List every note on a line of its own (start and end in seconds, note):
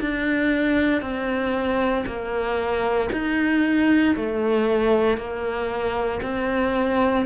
0.00 1.01 D4
1.01 2.04 C4
2.05 3.09 A#3
3.12 4.15 D#4
4.16 5.17 A3
5.17 6.20 A#3
6.22 7.25 C4